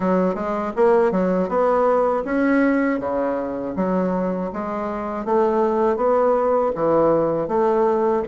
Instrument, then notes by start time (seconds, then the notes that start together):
bassoon
0.00 F#3
0.34 G#3
0.76 A#3
1.11 F#3
1.48 B3
2.25 C#4
2.99 C#3
3.76 F#3
4.52 G#3
5.25 A3
5.96 B3
6.75 E3
7.48 A3